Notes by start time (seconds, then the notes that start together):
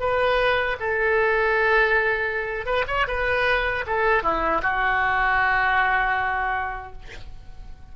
0.00 B4
0.80 A4
2.66 B4
2.88 C#5
3.08 B4
3.87 A4
4.23 E4
4.63 F#4